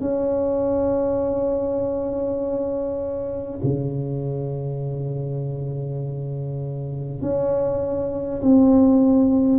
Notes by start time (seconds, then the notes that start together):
0.00 C#4
3.63 C#3
7.21 C#4
8.42 C4